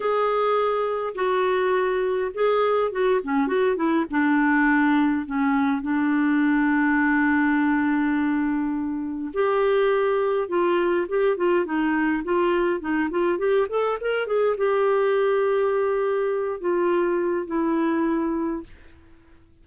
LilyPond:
\new Staff \with { instrumentName = "clarinet" } { \time 4/4 \tempo 4 = 103 gis'2 fis'2 | gis'4 fis'8 cis'8 fis'8 e'8 d'4~ | d'4 cis'4 d'2~ | d'1 |
g'2 f'4 g'8 f'8 | dis'4 f'4 dis'8 f'8 g'8 a'8 | ais'8 gis'8 g'2.~ | g'8 f'4. e'2 | }